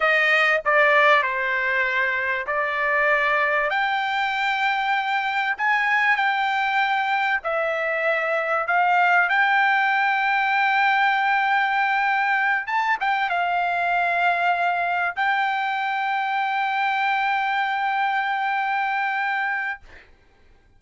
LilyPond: \new Staff \with { instrumentName = "trumpet" } { \time 4/4 \tempo 4 = 97 dis''4 d''4 c''2 | d''2 g''2~ | g''4 gis''4 g''2 | e''2 f''4 g''4~ |
g''1~ | g''8 a''8 g''8 f''2~ f''8~ | f''8 g''2.~ g''8~ | g''1 | }